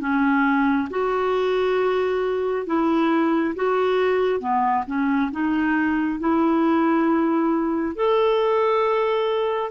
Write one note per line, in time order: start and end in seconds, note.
0.00 0.88 C#4
0.90 2.66 F#4
2.66 3.55 E4
3.55 4.40 F#4
4.40 4.84 B3
4.87 5.31 C#4
5.31 6.20 D#4
6.20 7.96 E4
7.96 9.71 A4